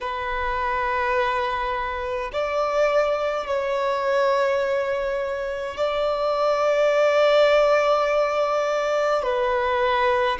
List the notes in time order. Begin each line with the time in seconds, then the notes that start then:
0.01 B4
2.32 D5
3.46 C#5
5.76 D5
9.23 B4